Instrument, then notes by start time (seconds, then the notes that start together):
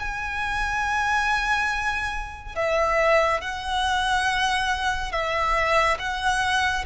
violin
0.00 G#5
2.56 E5
3.41 F#5
5.12 E5
6.00 F#5